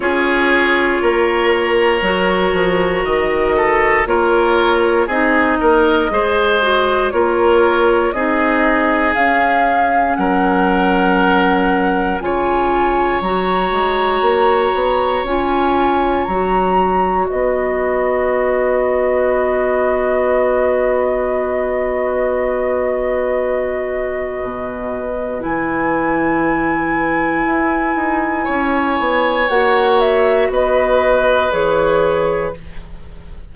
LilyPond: <<
  \new Staff \with { instrumentName = "flute" } { \time 4/4 \tempo 4 = 59 cis''2. dis''4 | cis''4 dis''2 cis''4 | dis''4 f''4 fis''2 | gis''4 ais''2 gis''4 |
ais''4 dis''2.~ | dis''1~ | dis''4 gis''2.~ | gis''4 fis''8 e''8 dis''4 cis''4 | }
  \new Staff \with { instrumentName = "oboe" } { \time 4/4 gis'4 ais'2~ ais'8 a'8 | ais'4 gis'8 ais'8 c''4 ais'4 | gis'2 ais'2 | cis''1~ |
cis''4 b'2.~ | b'1~ | b'1 | cis''2 b'2 | }
  \new Staff \with { instrumentName = "clarinet" } { \time 4/4 f'2 fis'2 | f'4 dis'4 gis'8 fis'8 f'4 | dis'4 cis'2. | f'4 fis'2 f'4 |
fis'1~ | fis'1~ | fis'4 e'2.~ | e'4 fis'2 gis'4 | }
  \new Staff \with { instrumentName = "bassoon" } { \time 4/4 cis'4 ais4 fis8 f8 dis4 | ais4 c'8 ais8 gis4 ais4 | c'4 cis'4 fis2 | cis4 fis8 gis8 ais8 b8 cis'4 |
fis4 b2.~ | b1 | b,4 e2 e'8 dis'8 | cis'8 b8 ais4 b4 e4 | }
>>